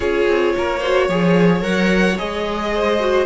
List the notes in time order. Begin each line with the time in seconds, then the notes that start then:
0.00 C#4 F4 G#4 C#5
0.27 C4
0.57 A#3 A#4
0.79 F#4 C5
1.07 F3 G#4 C#5
1.61 F#3 A#4 F#5
2.17 G#3 G#4 D#5
2.74 C5
2.99 F#4